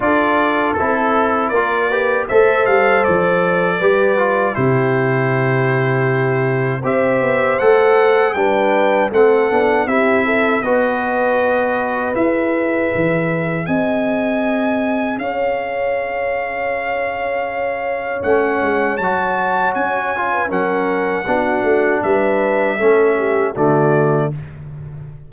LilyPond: <<
  \new Staff \with { instrumentName = "trumpet" } { \time 4/4 \tempo 4 = 79 d''4 a'4 d''4 e''8 f''8 | d''2 c''2~ | c''4 e''4 fis''4 g''4 | fis''4 e''4 dis''2 |
e''2 gis''2 | f''1 | fis''4 a''4 gis''4 fis''4~ | fis''4 e''2 d''4 | }
  \new Staff \with { instrumentName = "horn" } { \time 4/4 a'2 ais'8 b'8 c''4~ | c''4 b'4 g'2~ | g'4 c''2 b'4 | a'4 g'8 a'8 b'2~ |
b'2 dis''2 | cis''1~ | cis''2~ cis''8. b'16 ais'4 | fis'4 b'4 a'8 g'8 fis'4 | }
  \new Staff \with { instrumentName = "trombone" } { \time 4/4 f'4 e'4 f'8 g'8 a'4~ | a'4 g'8 f'8 e'2~ | e'4 g'4 a'4 d'4 | c'8 d'8 e'4 fis'2 |
gis'1~ | gis'1 | cis'4 fis'4. f'8 cis'4 | d'2 cis'4 a4 | }
  \new Staff \with { instrumentName = "tuba" } { \time 4/4 d'4 c'4 ais4 a8 g8 | f4 g4 c2~ | c4 c'8 b8 a4 g4 | a8 b8 c'4 b2 |
e'4 e4 c'2 | cis'1 | a8 gis8 fis4 cis'4 fis4 | b8 a8 g4 a4 d4 | }
>>